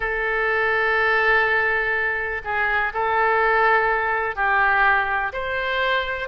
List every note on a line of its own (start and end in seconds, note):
0.00 2.41 A4
2.44 2.93 G#4
2.93 4.35 A4
4.35 5.32 G4
5.32 6.28 C5